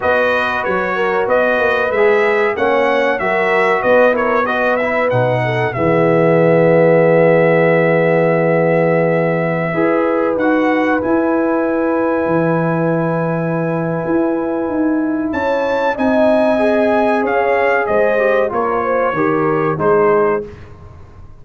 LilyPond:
<<
  \new Staff \with { instrumentName = "trumpet" } { \time 4/4 \tempo 4 = 94 dis''4 cis''4 dis''4 e''4 | fis''4 e''4 dis''8 cis''8 dis''8 e''8 | fis''4 e''2.~ | e''1~ |
e''16 fis''4 gis''2~ gis''8.~ | gis''1 | a''4 gis''2 f''4 | dis''4 cis''2 c''4 | }
  \new Staff \with { instrumentName = "horn" } { \time 4/4 b'4. ais'8 b'2 | cis''4 ais'4 b'8 ais'8 b'4~ | b'8 a'8 gis'2.~ | gis'2.~ gis'16 b'8.~ |
b'1~ | b'1 | cis''4 dis''2 cis''4 | c''4 ais'8 c''8 ais'4 gis'4 | }
  \new Staff \with { instrumentName = "trombone" } { \time 4/4 fis'2. gis'4 | cis'4 fis'4. e'8 fis'8 e'8 | dis'4 b2.~ | b2.~ b16 gis'8.~ |
gis'16 fis'4 e'2~ e'8.~ | e'1~ | e'4 dis'4 gis'2~ | gis'8 g'8 f'4 g'4 dis'4 | }
  \new Staff \with { instrumentName = "tuba" } { \time 4/4 b4 fis4 b8 ais8 gis4 | ais4 fis4 b2 | b,4 e2.~ | e2.~ e16 e'8.~ |
e'16 dis'4 e'2 e8.~ | e2 e'4 dis'4 | cis'4 c'2 cis'4 | gis4 ais4 dis4 gis4 | }
>>